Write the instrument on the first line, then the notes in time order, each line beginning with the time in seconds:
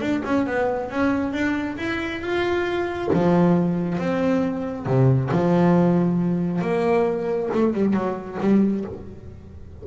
double bass
0.00 D4
0.24 C#4
0.46 B3
0.90 C#4
1.32 D4
1.77 E4
2.21 F4
3.13 F3
3.98 C4
4.86 C3
5.31 F3
6.61 A#3
7.53 A3
7.73 G3
7.93 F#3
8.40 G3